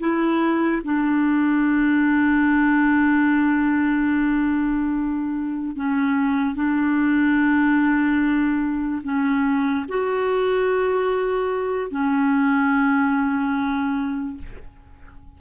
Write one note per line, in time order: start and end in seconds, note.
0.00 0.82 E4
0.84 5.76 D4
5.76 6.56 C#4
6.56 9.02 D4
9.04 9.86 C#4
9.89 11.91 F#4
11.91 14.38 C#4